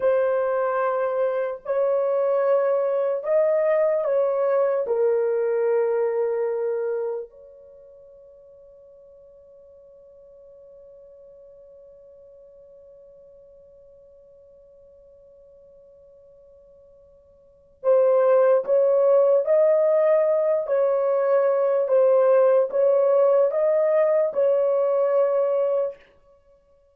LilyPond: \new Staff \with { instrumentName = "horn" } { \time 4/4 \tempo 4 = 74 c''2 cis''2 | dis''4 cis''4 ais'2~ | ais'4 cis''2.~ | cis''1~ |
cis''1~ | cis''2 c''4 cis''4 | dis''4. cis''4. c''4 | cis''4 dis''4 cis''2 | }